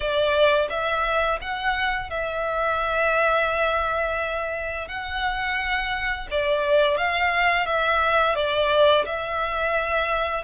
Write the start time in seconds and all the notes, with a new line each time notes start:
0.00 D5
0.69 E5
1.41 F#5
2.09 E5
4.88 F#5
6.30 D5
6.97 F5
7.66 E5
8.35 D5
9.05 E5